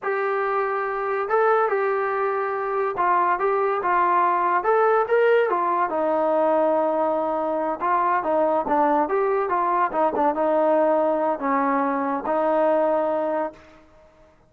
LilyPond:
\new Staff \with { instrumentName = "trombone" } { \time 4/4 \tempo 4 = 142 g'2. a'4 | g'2. f'4 | g'4 f'2 a'4 | ais'4 f'4 dis'2~ |
dis'2~ dis'8 f'4 dis'8~ | dis'8 d'4 g'4 f'4 dis'8 | d'8 dis'2~ dis'8 cis'4~ | cis'4 dis'2. | }